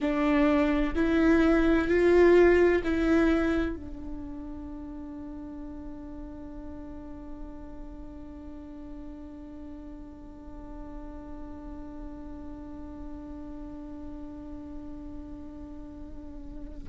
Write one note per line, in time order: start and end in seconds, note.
0.00 0.94 D4
0.94 1.87 E4
1.87 2.81 F4
2.84 3.76 E4
3.76 16.88 D4